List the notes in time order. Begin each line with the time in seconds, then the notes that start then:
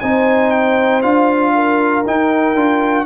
0.00 C4 D#4 C5 G#5
0.50 G5
1.02 D4 F4 F5
1.55 A#4
2.06 D#4 G5
2.54 D4 F4